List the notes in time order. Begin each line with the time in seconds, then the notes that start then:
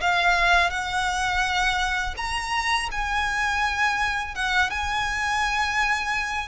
0.00 F5
0.70 F#5
2.17 A#5
2.91 G#5
4.35 F#5
4.70 G#5